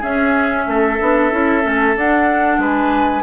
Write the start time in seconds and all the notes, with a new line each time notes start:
0.00 C#4 G#4 E5
0.67 A3 A4
1.00 B3 D4
1.31 C#4 E4
1.62 A3 C#4
1.96 D4 F#5
2.58 G#3 B4 G#5